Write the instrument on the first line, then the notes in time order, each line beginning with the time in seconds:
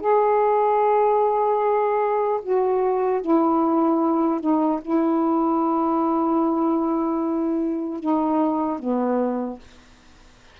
saxophone
0.00 G#4
2.42 F#4
3.21 E4
4.40 D#4
4.81 E4
7.99 D#4
8.79 B3